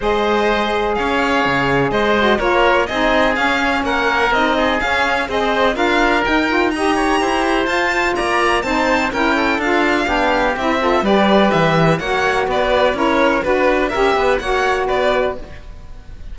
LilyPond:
<<
  \new Staff \with { instrumentName = "violin" } { \time 4/4 \tempo 4 = 125 dis''2 f''2 | dis''4 cis''4 dis''4 f''4 | fis''4 dis''4 f''4 dis''4 | f''4 g''4 ais''2 |
a''4 ais''4 a''4 g''4 | f''2 e''4 d''4 | e''4 fis''4 d''4 cis''4 | b'4 e''4 fis''4 d''4 | }
  \new Staff \with { instrumentName = "oboe" } { \time 4/4 c''2 cis''2 | c''4 ais'4 gis'2 | ais'4. gis'4. c''4 | ais'2 dis''8 cis''8 c''4~ |
c''4 d''4 c''4 ais'8 a'8~ | a'4 g'4. a'8 b'4~ | b'4 cis''4 b'4 ais'4 | b'4 ais'8 b'8 cis''4 b'4 | }
  \new Staff \with { instrumentName = "saxophone" } { \time 4/4 gis'1~ | gis'8 fis'8 f'4 dis'4 cis'4~ | cis'4 dis'4 cis'4 gis'4 | f'4 dis'8 f'8 g'2 |
f'2 dis'4 e'4 | f'4 d'4 e'8 f'8 g'4~ | g'4 fis'2 e'4 | fis'4 g'4 fis'2 | }
  \new Staff \with { instrumentName = "cello" } { \time 4/4 gis2 cis'4 cis4 | gis4 ais4 c'4 cis'4 | ais4 c'4 cis'4 c'4 | d'4 dis'2 e'4 |
f'4 ais4 c'4 cis'4 | d'4 b4 c'4 g4 | e4 ais4 b4 cis'4 | d'4 cis'8 b8 ais4 b4 | }
>>